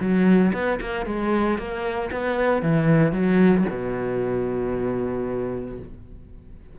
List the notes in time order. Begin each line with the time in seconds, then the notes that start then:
0.00 F#3
0.53 B3
0.80 A#3
1.06 G#3
1.58 A#3
2.12 B3
2.62 E3
3.12 F#3
3.70 B2